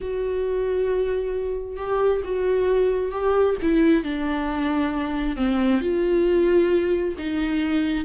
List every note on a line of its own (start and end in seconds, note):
0.00 1.76 F#4
1.76 2.21 G4
2.24 3.11 F#4
3.11 3.56 G4
3.62 4.03 E4
4.03 5.36 D4
5.36 5.80 C4
5.80 7.15 F4
7.18 8.05 D#4